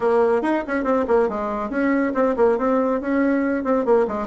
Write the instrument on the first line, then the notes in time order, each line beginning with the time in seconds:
bassoon
0.00 A#3
0.42 D#4
0.67 C#4
0.84 C4
1.07 A#3
1.28 G#3
1.69 C#4
2.14 C4
2.36 A#3
2.58 C4
3.00 C#4
3.64 C4
3.85 A#3
4.07 G#3